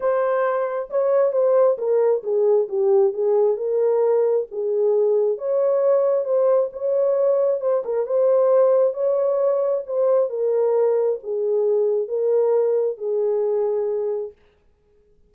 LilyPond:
\new Staff \with { instrumentName = "horn" } { \time 4/4 \tempo 4 = 134 c''2 cis''4 c''4 | ais'4 gis'4 g'4 gis'4 | ais'2 gis'2 | cis''2 c''4 cis''4~ |
cis''4 c''8 ais'8 c''2 | cis''2 c''4 ais'4~ | ais'4 gis'2 ais'4~ | ais'4 gis'2. | }